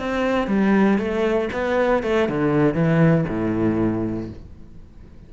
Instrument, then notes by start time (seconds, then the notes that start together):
cello
0.00 C4
0.48 G3
0.99 A3
1.53 B3
2.04 A3
2.29 D3
2.75 E3
3.29 A2